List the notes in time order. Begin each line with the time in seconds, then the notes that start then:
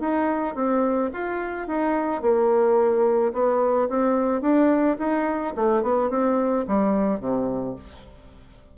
0.00 D#4
0.55 C4
1.13 F4
1.68 D#4
2.22 A#3
3.33 B3
3.89 C4
4.41 D4
4.99 D#4
5.56 A3
5.83 B3
6.10 C4
6.67 G3
7.20 C3